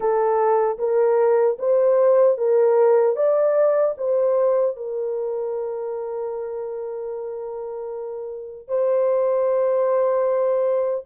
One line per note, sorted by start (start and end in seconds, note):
0.00 0.78 A4
0.78 1.57 A#4
1.58 2.37 C5
2.37 3.16 A#4
3.16 3.95 D5
3.97 4.76 C5
4.76 8.67 A#4
8.67 11.04 C5